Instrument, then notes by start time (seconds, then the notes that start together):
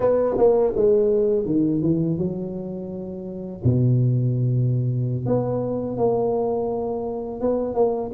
tuba
0.00 B3
0.37 A#3
0.76 G#3
1.45 D#3
1.81 E3
2.18 F#3
3.63 B2
5.26 B3
5.97 A#3
7.40 B3
7.74 A#3